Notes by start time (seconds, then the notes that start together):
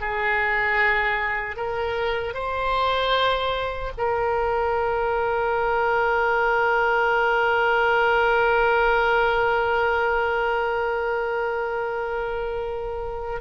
0.00 G#4
1.56 A#4
2.34 C5
3.97 A#4